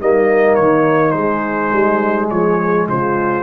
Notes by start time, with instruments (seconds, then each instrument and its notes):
0.00 tuba G3, trombone A#3, horn D#4, trumpet D#5
0.55 tuba D#3, trumpet C#5
1.11 tuba G#3, trombone G#3, trumpet C5
1.73 tuba G3
2.30 tuba F3, horn G#4, trumpet C#5
2.88 tuba C#3, horn F4, trumpet C5